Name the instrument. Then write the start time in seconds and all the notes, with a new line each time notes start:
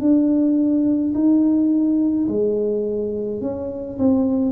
tuba
0.00 D4
1.14 D#4
2.28 G#3
3.41 C#4
3.99 C4